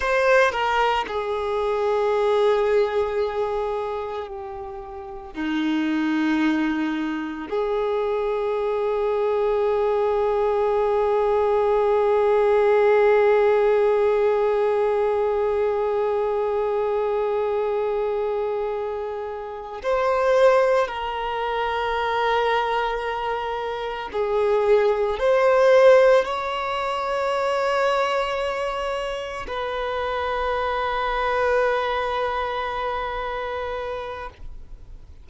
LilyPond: \new Staff \with { instrumentName = "violin" } { \time 4/4 \tempo 4 = 56 c''8 ais'8 gis'2. | g'4 dis'2 gis'4~ | gis'1~ | gis'1~ |
gis'2~ gis'8 c''4 ais'8~ | ais'2~ ais'8 gis'4 c''8~ | c''8 cis''2. b'8~ | b'1 | }